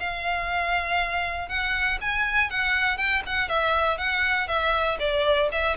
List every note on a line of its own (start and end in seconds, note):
0.00 1.49 F5
1.49 1.99 F#5
2.01 2.50 G#5
2.50 2.97 F#5
2.97 3.22 G5
3.27 3.49 F#5
3.49 3.98 E5
3.98 4.48 F#5
4.48 4.98 E5
5.00 5.50 D5
5.52 5.77 E5